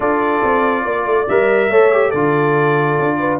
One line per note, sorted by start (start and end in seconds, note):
0.00 0.42 D4
0.00 1.27 F4
0.00 0.83 A4
0.00 1.28 D5
0.43 0.85 C4
0.83 1.05 A#3
0.83 1.68 D5
1.05 1.27 A3
1.28 1.70 G3
1.28 1.72 A#4
1.28 2.11 E5
1.70 2.12 A3
1.70 1.92 A4
1.70 2.09 C#5
1.92 2.13 G4
2.09 2.98 D3
2.09 3.39 F4
2.09 3.16 A4
2.09 3.38 D5
2.98 3.39 D4
3.19 3.39 B4